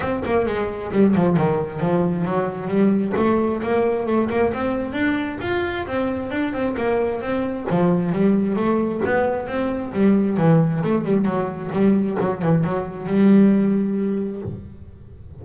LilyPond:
\new Staff \with { instrumentName = "double bass" } { \time 4/4 \tempo 4 = 133 c'8 ais8 gis4 g8 f8 dis4 | f4 fis4 g4 a4 | ais4 a8 ais8 c'4 d'4 | f'4 c'4 d'8 c'8 ais4 |
c'4 f4 g4 a4 | b4 c'4 g4 e4 | a8 g8 fis4 g4 fis8 e8 | fis4 g2. | }